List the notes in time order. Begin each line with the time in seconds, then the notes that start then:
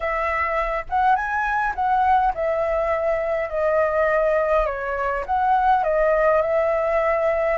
0.00 E5
0.89 F#5
1.15 G#5
1.75 F#5
2.34 E5
3.49 D#5
4.66 C#5
5.26 F#5
5.83 D#5
6.41 E5